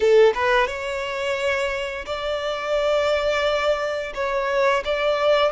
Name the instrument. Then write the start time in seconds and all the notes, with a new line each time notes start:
violin
0.00 A4
0.34 B4
0.67 C#5
2.05 D5
4.14 C#5
4.84 D5